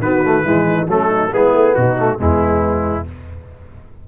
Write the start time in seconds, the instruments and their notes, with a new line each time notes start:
0.00 tuba D#3, trombone B3, horn F#4, trumpet B4
0.25 trombone A3
0.45 tuba E3, trombone G#3, horn E4
0.67 horn D#4
0.88 tuba F#3, trombone A3, horn C#4, trumpet A4
1.08 horn D#4
1.32 tuba G#3, trombone B3, horn E4, trumpet G#4
1.54 tuba A3
1.74 tuba B2, horn D#4, trumpet F#4
1.98 trombone A3
2.18 tuba E2, trombone G#3, horn B3, trumpet E4